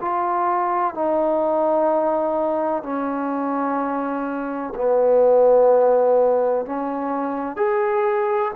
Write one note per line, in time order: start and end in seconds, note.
0.00 0.94 F4
0.94 2.83 D#4
2.83 4.73 C#4
4.74 6.65 B3
6.65 7.56 C#4
7.56 8.52 G#4